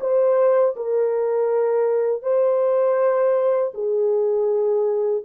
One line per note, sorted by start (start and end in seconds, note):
0.00 0.75 C5
0.76 2.22 A#4
2.22 3.72 C5
3.74 5.24 G#4